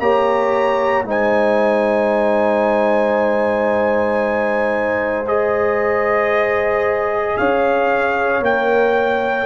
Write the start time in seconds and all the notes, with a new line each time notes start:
0.00 A#3 G4 C#5 A#5
1.05 G#3 D#4 C5 G#5
5.27 G#4 D#5
7.37 C#4 C#5 F5
8.41 A#3 A#4 G5